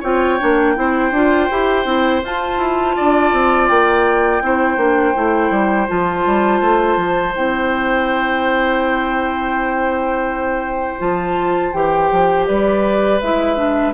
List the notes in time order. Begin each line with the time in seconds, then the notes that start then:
0.00 C4 F4 C#5 G5
0.39 A#3 D4
0.76 C4 E4 C5
1.12 D4 F4
1.51 E4 G4
1.85 C4 E4
2.24 F4 A5
2.58 E4
2.96 D4 D5
3.33 C4
3.68 A#3 G5
4.42 C4 E4 C5
4.77 A#3 D4
5.15 A3 E4
5.51 G3
5.88 F3 F4 A5
6.26 G3
6.61 A3
6.96 F3
7.34 C4 E4 G5
10.99 F3 F4 A5
11.73 E3 G4 G5
12.12 F3
12.47 G3 B4 D5
13.20 G#3 E4 E5
13.56 D4